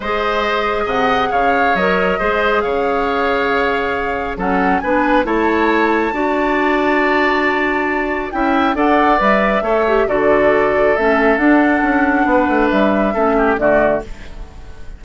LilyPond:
<<
  \new Staff \with { instrumentName = "flute" } { \time 4/4 \tempo 4 = 137 dis''2 fis''4 f''4 | dis''2 f''2~ | f''2 fis''4 gis''4 | a''1~ |
a''2. g''4 | fis''4 e''2 d''4~ | d''4 e''4 fis''2~ | fis''4 e''2 d''4 | }
  \new Staff \with { instrumentName = "oboe" } { \time 4/4 c''2 dis''4 cis''4~ | cis''4 c''4 cis''2~ | cis''2 a'4 b'4 | cis''2 d''2~ |
d''2. e''4 | d''2 cis''4 a'4~ | a'1 | b'2 a'8 g'8 fis'4 | }
  \new Staff \with { instrumentName = "clarinet" } { \time 4/4 gis'1 | ais'4 gis'2.~ | gis'2 cis'4 d'4 | e'2 fis'2~ |
fis'2. e'4 | a'4 b'4 a'8 g'8 fis'4~ | fis'4 cis'4 d'2~ | d'2 cis'4 a4 | }
  \new Staff \with { instrumentName = "bassoon" } { \time 4/4 gis2 c4 cis4 | fis4 gis4 cis2~ | cis2 fis4 b4 | a2 d'2~ |
d'2. cis'4 | d'4 g4 a4 d4~ | d4 a4 d'4 cis'4 | b8 a8 g4 a4 d4 | }
>>